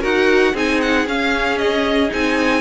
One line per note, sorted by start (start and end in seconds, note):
0.00 0.54 D#4
0.00 0.53 F#4
0.00 0.52 A#4
0.00 0.56 F#5
0.53 1.06 C4
0.53 1.06 D#4
0.53 2.61 G#4
0.53 0.81 G#5
0.81 1.07 F#5
1.06 2.10 C#4
1.06 2.09 C#4
1.06 1.58 F5
1.58 2.10 D#5
2.09 2.61 C4
2.09 2.61 D#4
2.09 2.61 G#5